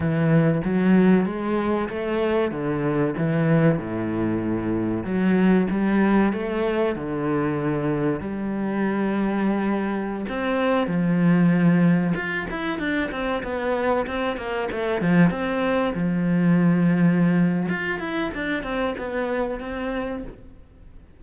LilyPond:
\new Staff \with { instrumentName = "cello" } { \time 4/4 \tempo 4 = 95 e4 fis4 gis4 a4 | d4 e4 a,2 | fis4 g4 a4 d4~ | d4 g2.~ |
g16 c'4 f2 f'8 e'16~ | e'16 d'8 c'8 b4 c'8 ais8 a8 f16~ | f16 c'4 f2~ f8. | f'8 e'8 d'8 c'8 b4 c'4 | }